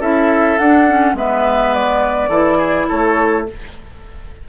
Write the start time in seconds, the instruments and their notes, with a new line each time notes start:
0.00 bassoon C#4, clarinet E4, oboe A4, flute E5
0.58 bassoon D4, clarinet D4, flute F#5
0.88 clarinet C#4
1.14 bassoon G#3, clarinet B3, oboe B4, flute E5
1.74 flute D5
2.29 bassoon E3, clarinet E4, oboe A4
2.58 oboe G#4
2.88 bassoon A3, oboe A4, flute C#5